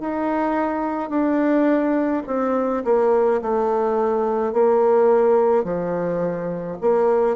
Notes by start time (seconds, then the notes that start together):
0.00 D#4
1.10 D4
2.27 C4
2.85 A#3
3.42 A3
4.53 A#3
5.64 F3
6.81 A#3